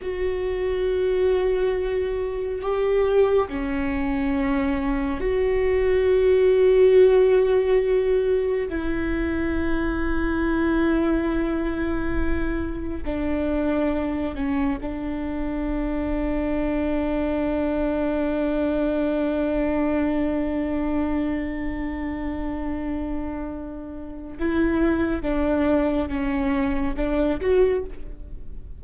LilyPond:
\new Staff \with { instrumentName = "viola" } { \time 4/4 \tempo 4 = 69 fis'2. g'4 | cis'2 fis'2~ | fis'2 e'2~ | e'2. d'4~ |
d'8 cis'8 d'2.~ | d'1~ | d'1 | e'4 d'4 cis'4 d'8 fis'8 | }